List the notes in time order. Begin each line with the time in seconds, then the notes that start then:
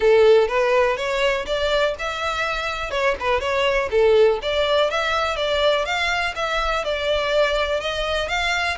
0.00 A4
0.48 B4
0.96 C#5
1.46 D5
1.98 E5
2.90 C#5
3.20 B4
3.40 C#5
3.90 A4
4.41 D5
4.90 E5
5.36 D5
5.85 F5
6.35 E5
6.84 D5
7.80 D#5
8.28 F5